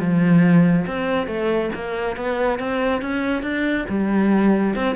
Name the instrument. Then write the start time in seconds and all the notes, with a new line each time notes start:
cello
0.00 F3
0.87 C4
1.27 A3
1.75 A#3
2.17 B3
2.59 C4
3.02 C#4
3.43 D4
3.89 G3
4.75 C4